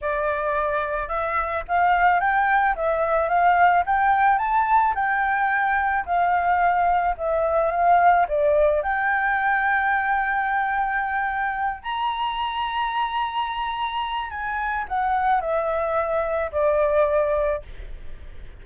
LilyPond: \new Staff \with { instrumentName = "flute" } { \time 4/4 \tempo 4 = 109 d''2 e''4 f''4 | g''4 e''4 f''4 g''4 | a''4 g''2 f''4~ | f''4 e''4 f''4 d''4 |
g''1~ | g''4. ais''2~ ais''8~ | ais''2 gis''4 fis''4 | e''2 d''2 | }